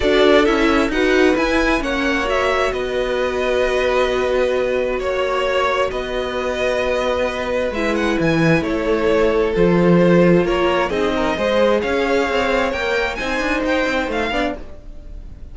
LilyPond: <<
  \new Staff \with { instrumentName = "violin" } { \time 4/4 \tempo 4 = 132 d''4 e''4 fis''4 gis''4 | fis''4 e''4 dis''2~ | dis''2. cis''4~ | cis''4 dis''2.~ |
dis''4 e''8 fis''8 gis''4 cis''4~ | cis''4 c''2 cis''4 | dis''2 f''2 | g''4 gis''4 g''4 f''4 | }
  \new Staff \with { instrumentName = "violin" } { \time 4/4 a'2 b'2 | cis''2 b'2~ | b'2. cis''4~ | cis''4 b'2.~ |
b'2. a'4~ | a'2. ais'4 | gis'8 ais'8 c''4 cis''2~ | cis''4 c''2~ c''8 d''8 | }
  \new Staff \with { instrumentName = "viola" } { \time 4/4 fis'4 e'4 fis'4 e'4 | cis'4 fis'2.~ | fis'1~ | fis'1~ |
fis'4 e'2.~ | e'4 f'2. | dis'4 gis'2. | ais'4 dis'2~ dis'8 d'8 | }
  \new Staff \with { instrumentName = "cello" } { \time 4/4 d'4 cis'4 dis'4 e'4 | ais2 b2~ | b2. ais4~ | ais4 b2.~ |
b4 gis4 e4 a4~ | a4 f2 ais4 | c'4 gis4 cis'4 c'4 | ais4 c'8 d'8 dis'8 c'8 a8 b8 | }
>>